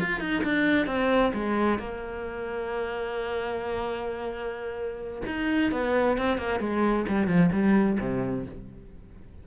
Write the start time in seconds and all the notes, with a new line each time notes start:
0.00 F4
0.20 D#4
0.44 D4
0.86 C4
1.34 G#3
1.79 A#3
5.26 D#4
5.71 B3
6.17 C4
6.37 A#3
6.60 G#3
7.08 G3
7.27 F3
7.52 G3
8.00 C3